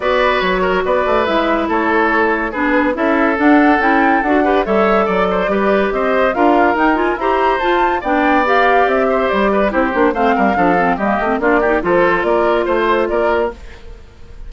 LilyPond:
<<
  \new Staff \with { instrumentName = "flute" } { \time 4/4 \tempo 4 = 142 d''4 cis''4 d''4 e''4 | cis''2 b'4 e''4 | fis''4 g''4 fis''4 e''4 | d''2 dis''4 f''4 |
g''8 gis''8 ais''4 a''4 g''4 | f''4 e''4 d''4 c''4 | f''2 dis''4 d''4 | c''4 d''4 c''4 d''4 | }
  \new Staff \with { instrumentName = "oboe" } { \time 4/4 b'4. ais'8 b'2 | a'2 gis'4 a'4~ | a'2~ a'8 b'8 cis''4 | d''8 c''8 b'4 c''4 ais'4~ |
ais'4 c''2 d''4~ | d''4. c''4 b'8 g'4 | c''8 ais'8 a'4 g'4 f'8 g'8 | a'4 ais'4 c''4 ais'4 | }
  \new Staff \with { instrumentName = "clarinet" } { \time 4/4 fis'2. e'4~ | e'2 d'4 e'4 | d'4 e'4 fis'8 g'8 a'4~ | a'4 g'2 f'4 |
dis'8 f'8 g'4 f'4 d'4 | g'2. e'8 d'8 | c'4 d'8 c'8 ais8 c'8 d'8 dis'8 | f'1 | }
  \new Staff \with { instrumentName = "bassoon" } { \time 4/4 b4 fis4 b8 a8 gis4 | a2 b4 cis'4 | d'4 cis'4 d'4 g4 | fis4 g4 c'4 d'4 |
dis'4 e'4 f'4 b4~ | b4 c'4 g4 c'8 ais8 | a8 g8 f4 g8 a8 ais4 | f4 ais4 a4 ais4 | }
>>